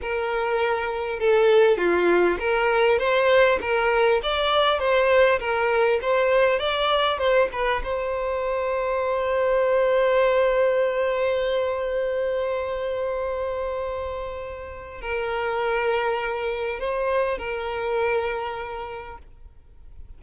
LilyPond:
\new Staff \with { instrumentName = "violin" } { \time 4/4 \tempo 4 = 100 ais'2 a'4 f'4 | ais'4 c''4 ais'4 d''4 | c''4 ais'4 c''4 d''4 | c''8 b'8 c''2.~ |
c''1~ | c''1~ | c''4 ais'2. | c''4 ais'2. | }